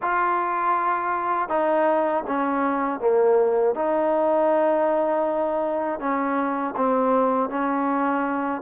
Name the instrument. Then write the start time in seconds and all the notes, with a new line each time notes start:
trombone
0.01 F4
1.49 D#4
2.27 C#4
3.00 A#3
3.74 D#4
5.99 C#4
6.76 C4
7.49 C#4